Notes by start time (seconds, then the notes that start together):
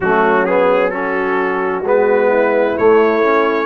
0.00 F#3 A3 C#4 F#4
0.45 B3 G#4
0.89 C#4 F#4 A4
1.82 G#3 B3 B4
2.27 E4
2.77 A3 C#5
3.22 C#4